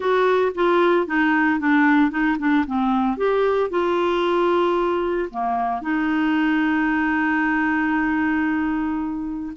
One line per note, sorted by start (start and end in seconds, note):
0.00 0.52 F#4
0.54 1.06 F4
1.06 1.59 D#4
1.59 2.10 D4
2.10 2.37 D#4
2.38 2.65 D4
2.66 3.17 C4
3.17 3.70 G4
3.70 5.29 F4
5.30 5.81 A#3
5.81 9.53 D#4